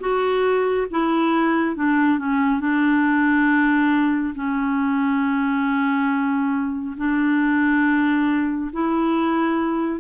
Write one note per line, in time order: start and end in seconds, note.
0.00 0.87 F#4
0.91 1.76 E4
1.76 2.19 D4
2.19 2.60 C#4
2.60 4.34 D4
4.35 6.96 C#4
6.97 8.71 D4
8.73 10.00 E4